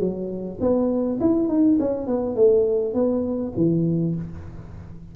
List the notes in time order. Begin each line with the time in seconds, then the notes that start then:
0.00 F#3
0.61 B3
1.21 E4
1.49 D#4
1.80 C#4
2.07 B3
2.36 A3
2.94 B3
3.57 E3